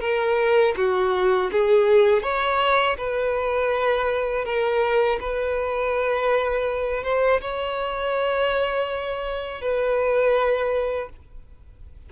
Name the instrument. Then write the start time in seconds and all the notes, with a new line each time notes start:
violin
0.00 A#4
0.76 F#4
1.52 G#4
2.22 C#5
2.97 B4
4.45 A#4
5.20 B4
7.03 C5
7.41 C#5
9.61 B4